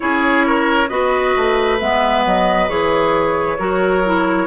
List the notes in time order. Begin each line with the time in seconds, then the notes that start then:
0.00 C#4 E4 G#4 C#5
0.46 A#4
0.88 B3 F#4 B4 D#5
1.36 A3
1.79 G#3 B3 E5
2.26 F#3 D#5
2.68 E3 G#4 C#5
3.58 F#3 F#4 A#4
4.04 E4